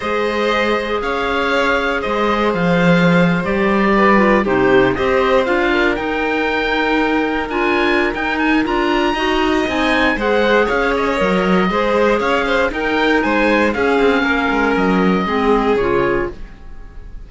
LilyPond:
<<
  \new Staff \with { instrumentName = "oboe" } { \time 4/4 \tempo 4 = 118 dis''2 f''2 | dis''4 f''4.~ f''16 d''4~ d''16~ | d''8. c''4 dis''4 f''4 g''16~ | g''2~ g''8. gis''4~ gis''16 |
g''8 gis''8 ais''2 gis''4 | fis''4 f''8 dis''2~ dis''8 | f''4 g''4 gis''4 f''4~ | f''4 dis''2 cis''4 | }
  \new Staff \with { instrumentName = "violin" } { \time 4/4 c''2 cis''2 | c''2.~ c''8. b'16~ | b'8. g'4 c''4. ais'8.~ | ais'1~ |
ais'2 dis''2 | c''4 cis''2 c''4 | cis''8 c''8 ais'4 c''4 gis'4 | ais'2 gis'2 | }
  \new Staff \with { instrumentName = "clarinet" } { \time 4/4 gis'1~ | gis'2~ gis'8. g'4~ g'16~ | g'16 f'8 dis'4 g'4 f'4 dis'16~ | dis'2~ dis'8. f'4~ f'16 |
dis'4 f'4 fis'4 dis'4 | gis'2 ais'4 gis'4~ | gis'4 dis'2 cis'4~ | cis'2 c'4 f'4 | }
  \new Staff \with { instrumentName = "cello" } { \time 4/4 gis2 cis'2 | gis4 f4.~ f16 g4~ g16~ | g8. c4 c'4 d'4 dis'16~ | dis'2~ dis'8. d'4~ d'16 |
dis'4 d'4 dis'4 c'4 | gis4 cis'4 fis4 gis4 | cis'4 dis'4 gis4 cis'8 c'8 | ais8 gis8 fis4 gis4 cis4 | }
>>